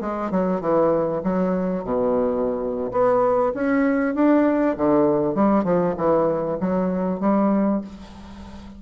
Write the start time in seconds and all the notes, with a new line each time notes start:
0.00 G#3
0.31 F#3
0.60 E3
1.23 F#3
1.84 B2
2.91 B3
3.54 C#4
4.15 D4
4.76 D3
5.34 G3
5.64 F3
5.97 E3
6.60 F#3
7.20 G3